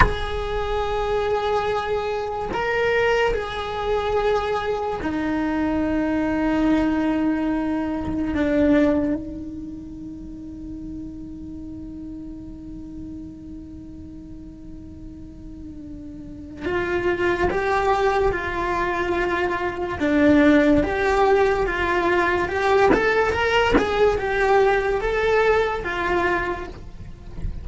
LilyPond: \new Staff \with { instrumentName = "cello" } { \time 4/4 \tempo 4 = 72 gis'2. ais'4 | gis'2 dis'2~ | dis'2 d'4 dis'4~ | dis'1~ |
dis'1 | f'4 g'4 f'2 | d'4 g'4 f'4 g'8 a'8 | ais'8 gis'8 g'4 a'4 f'4 | }